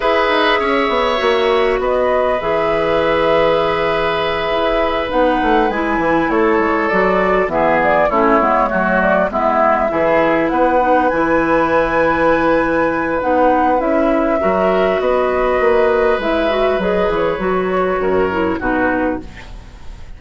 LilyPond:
<<
  \new Staff \with { instrumentName = "flute" } { \time 4/4 \tempo 4 = 100 e''2. dis''4 | e''1~ | e''8 fis''4 gis''4 cis''4 d''8~ | d''8 e''8 d''8 cis''4. d''8 e''8~ |
e''4. fis''4 gis''4.~ | gis''2 fis''4 e''4~ | e''4 dis''2 e''4 | dis''8 cis''2~ cis''8 b'4 | }
  \new Staff \with { instrumentName = "oboe" } { \time 4/4 b'4 cis''2 b'4~ | b'1~ | b'2~ b'8 a'4.~ | a'8 gis'4 e'4 fis'4 e'8~ |
e'8 gis'4 b'2~ b'8~ | b'1 | ais'4 b'2.~ | b'2 ais'4 fis'4 | }
  \new Staff \with { instrumentName = "clarinet" } { \time 4/4 gis'2 fis'2 | gis'1~ | gis'8 dis'4 e'2 fis'8~ | fis'8 b4 cis'8 b8 a4 b8~ |
b8 e'4. dis'8 e'4.~ | e'2 dis'4 e'4 | fis'2. e'8 fis'8 | gis'4 fis'4. e'8 dis'4 | }
  \new Staff \with { instrumentName = "bassoon" } { \time 4/4 e'8 dis'8 cis'8 b8 ais4 b4 | e2.~ e8 e'8~ | e'8 b8 a8 gis8 e8 a8 gis8 fis8~ | fis8 e4 a8 gis8 fis4 gis8~ |
gis8 e4 b4 e4.~ | e2 b4 cis'4 | fis4 b4 ais4 gis4 | fis8 e8 fis4 fis,4 b,4 | }
>>